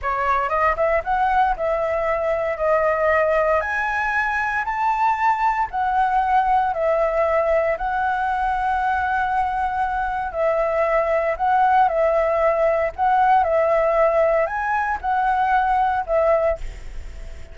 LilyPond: \new Staff \with { instrumentName = "flute" } { \time 4/4 \tempo 4 = 116 cis''4 dis''8 e''8 fis''4 e''4~ | e''4 dis''2 gis''4~ | gis''4 a''2 fis''4~ | fis''4 e''2 fis''4~ |
fis''1 | e''2 fis''4 e''4~ | e''4 fis''4 e''2 | gis''4 fis''2 e''4 | }